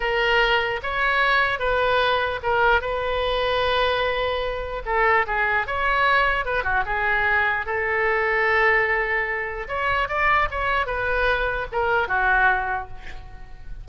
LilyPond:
\new Staff \with { instrumentName = "oboe" } { \time 4/4 \tempo 4 = 149 ais'2 cis''2 | b'2 ais'4 b'4~ | b'1 | a'4 gis'4 cis''2 |
b'8 fis'8 gis'2 a'4~ | a'1 | cis''4 d''4 cis''4 b'4~ | b'4 ais'4 fis'2 | }